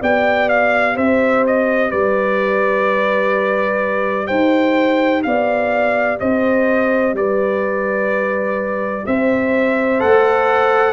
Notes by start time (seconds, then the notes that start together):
0.00 B3 G4 D5 G5
0.49 F5
0.95 C4 C5 E5
1.46 D#5
1.90 G3 B4 D5
4.27 D#4 C5 G5
5.23 B3 D5 F5
6.20 C4 C5 D#5
7.13 G3 B4 D5
9.06 C4 C5 E5
9.99 A3 A4 F#5